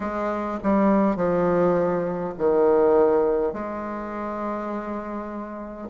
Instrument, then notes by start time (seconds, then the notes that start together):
bassoon
0.00 G#3
0.63 G3
1.16 F3
2.38 D#3
3.53 G#3